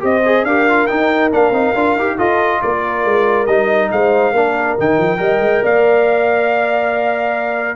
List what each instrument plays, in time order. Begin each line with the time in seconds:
0.00 tuba C4, trombone G4, horn C5, trumpet D#5
0.26 trombone G#4
0.44 tuba D4, trombone G4, horn A#4, trumpet F5
0.70 trombone F4
0.87 trombone D#4, tuba D#4, trumpet G5
1.32 tuba A#3, trombone D4, trumpet F5
1.52 tuba C4, trombone D#4
1.75 tuba D4, trombone F4
1.96 tuba D#4, trombone G4
2.17 trombone F4, tuba F4, horn A4, trumpet D#5
2.62 tuba A#3, horn A#4, trumpet D5
3.05 tuba G#3
3.47 tuba G3, trombone D#4, trumpet D#5
3.92 tuba G#3, horn C5, trumpet F5
4.32 tuba A#3, trombone D4, horn A#4
4.78 tuba D#3, trombone D#4, trumpet G5
4.98 tuba F3
5.18 tuba G3, trombone A#4, horn D#5
5.39 tuba G#3
5.63 tuba A#3, horn D5, trumpet F5